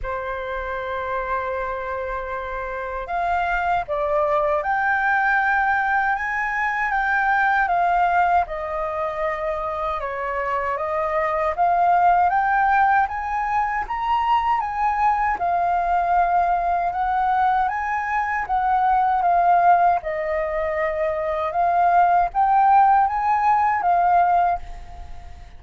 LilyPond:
\new Staff \with { instrumentName = "flute" } { \time 4/4 \tempo 4 = 78 c''1 | f''4 d''4 g''2 | gis''4 g''4 f''4 dis''4~ | dis''4 cis''4 dis''4 f''4 |
g''4 gis''4 ais''4 gis''4 | f''2 fis''4 gis''4 | fis''4 f''4 dis''2 | f''4 g''4 gis''4 f''4 | }